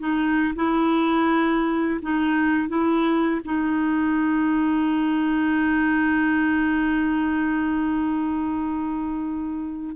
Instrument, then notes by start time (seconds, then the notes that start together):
clarinet
0.00 D#4
0.56 E4
2.02 D#4
2.69 E4
3.45 D#4